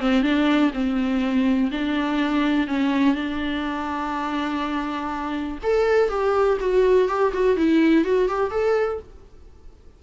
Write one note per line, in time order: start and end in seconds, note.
0.00 0.23 C4
0.23 0.72 D4
0.73 1.71 C4
1.72 2.68 D4
2.68 3.15 C#4
3.15 5.59 D4
5.63 6.10 A4
6.10 6.58 G4
6.61 7.08 F#4
7.08 7.33 G4
7.34 7.57 F#4
7.57 8.05 E4
8.05 8.29 F#4
8.29 8.51 G4
8.51 9.00 A4